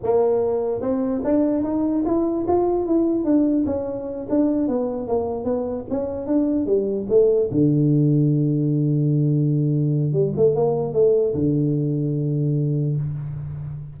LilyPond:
\new Staff \with { instrumentName = "tuba" } { \time 4/4 \tempo 4 = 148 ais2 c'4 d'4 | dis'4 e'4 f'4 e'4 | d'4 cis'4. d'4 b8~ | b8 ais4 b4 cis'4 d'8~ |
d'8 g4 a4 d4.~ | d1~ | d4 g8 a8 ais4 a4 | d1 | }